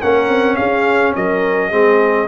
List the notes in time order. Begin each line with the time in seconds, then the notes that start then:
0.00 A#3 C#4 A#4 F#5
0.29 C4
0.56 C#4 G#4 F5
1.15 F#3 A#4 D#5
1.69 G#3 C4 G#4